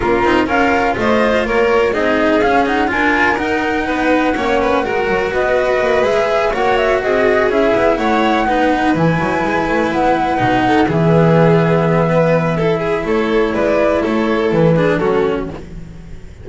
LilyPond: <<
  \new Staff \with { instrumentName = "flute" } { \time 4/4 \tempo 4 = 124 ais'4 f''4 dis''4 cis''4 | dis''4 f''8 fis''8 gis''4 fis''4~ | fis''2. dis''4~ | dis''8 e''4 fis''8 e''8 dis''4 e''8~ |
e''8 fis''2 gis''4.~ | gis''8 fis''2 e''4.~ | e''2. cis''4 | d''4 cis''4 b'4 a'4 | }
  \new Staff \with { instrumentName = "violin" } { \time 4/4 f'4 ais'4 c''4 ais'4 | gis'2 ais'2 | b'4 cis''8 b'8 ais'4 b'4~ | b'4. cis''4 gis'4.~ |
gis'8 cis''4 b'2~ b'8~ | b'2 a'8 gis'4.~ | gis'4 b'4 a'8 gis'8 a'4 | b'4 a'4. gis'8 fis'4 | }
  \new Staff \with { instrumentName = "cello" } { \time 4/4 cis'8 dis'8 f'2. | dis'4 cis'8 dis'8 f'4 dis'4~ | dis'4 cis'4 fis'2~ | fis'8 gis'4 fis'2 e'8~ |
e'4. dis'4 e'4.~ | e'4. dis'4 b4.~ | b2 e'2~ | e'2~ e'8 d'8 cis'4 | }
  \new Staff \with { instrumentName = "double bass" } { \time 4/4 ais8 c'8 cis'4 a4 ais4 | c'4 cis'4 d'4 dis'4 | b4 ais4 gis8 fis8 b4 | ais8 gis4 ais4 c'4 cis'8 |
b8 a4 b4 e8 fis8 gis8 | a8 b4 b,4 e4.~ | e2. a4 | gis4 a4 e4 fis4 | }
>>